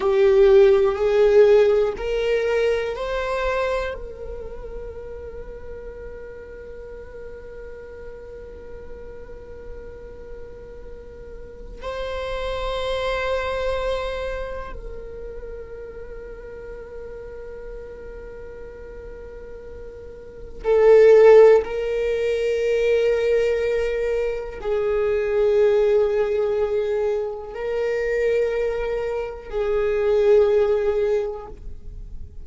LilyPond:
\new Staff \with { instrumentName = "viola" } { \time 4/4 \tempo 4 = 61 g'4 gis'4 ais'4 c''4 | ais'1~ | ais'1 | c''2. ais'4~ |
ais'1~ | ais'4 a'4 ais'2~ | ais'4 gis'2. | ais'2 gis'2 | }